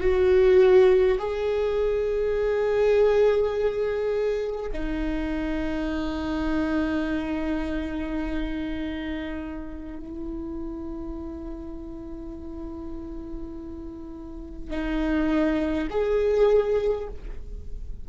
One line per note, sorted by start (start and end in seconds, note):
0.00 1.18 F#4
1.18 4.71 G#4
4.72 9.99 D#4
9.99 14.70 E4
14.70 15.88 D#4
15.90 17.07 G#4